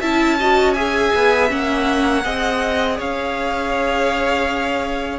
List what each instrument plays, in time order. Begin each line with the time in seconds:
0.00 cello C#4, viola E4, violin E5 A5
0.39 viola F#4, violin D#5
0.74 viola G#4, violin E5 G#5
1.15 cello B3
1.49 cello A#3, viola C#4, violin F#5
2.24 cello C4, viola G#4, violin D#5
2.98 cello C#4, violin C#5 F5